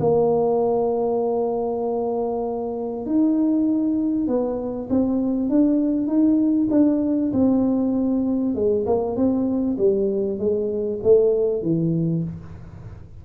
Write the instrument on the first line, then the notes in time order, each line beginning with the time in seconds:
tuba
0.00 A#3
3.06 D#4
4.27 B3
4.90 C4
5.50 D4
6.07 D#4
6.71 D4
7.33 C4
8.55 G#3
8.87 A#3
9.17 C4
9.78 G3
10.39 G#3
11.03 A3
11.62 E3